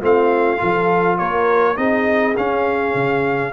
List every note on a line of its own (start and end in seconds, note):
0.00 0.61 A3
0.00 0.57 C4
0.00 0.59 F4
0.00 1.18 F5
0.57 1.20 F3
0.57 1.75 F4
0.57 1.18 A4
1.18 1.77 A#3
1.18 1.77 A#4
1.18 1.77 C#5
1.76 2.36 C4
1.76 2.35 D#4
1.76 3.53 G#4
1.76 2.35 D#5
2.37 3.53 C#4
2.37 2.94 C#4
2.37 3.53 F5
2.94 3.53 C#3